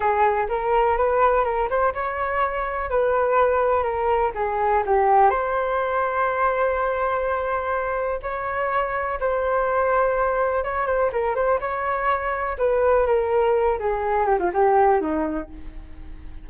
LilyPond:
\new Staff \with { instrumentName = "flute" } { \time 4/4 \tempo 4 = 124 gis'4 ais'4 b'4 ais'8 c''8 | cis''2 b'2 | ais'4 gis'4 g'4 c''4~ | c''1~ |
c''4 cis''2 c''4~ | c''2 cis''8 c''8 ais'8 c''8 | cis''2 b'4 ais'4~ | ais'8 gis'4 g'16 f'16 g'4 dis'4 | }